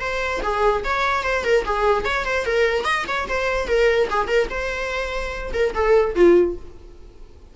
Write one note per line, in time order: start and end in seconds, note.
0.00 0.41 C5
0.43 0.84 G#4
0.84 1.23 C#5
1.23 1.44 C5
1.44 1.65 A#4
1.65 2.05 G#4
2.05 2.25 C#5
2.25 2.45 C5
2.45 2.85 A#4
2.85 3.05 D#5
3.08 3.28 C#5
3.29 3.68 C5
3.68 4.08 A#4
4.10 4.28 G#4
4.28 4.48 A#4
4.50 5.52 C5
5.53 5.73 A#4
5.75 6.15 A4
6.15 6.56 F4